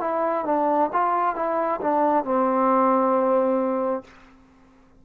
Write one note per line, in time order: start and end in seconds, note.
0.00 0.45 E4
0.45 0.90 D4
0.92 1.36 F4
1.36 1.80 E4
1.81 2.25 D4
2.25 4.04 C4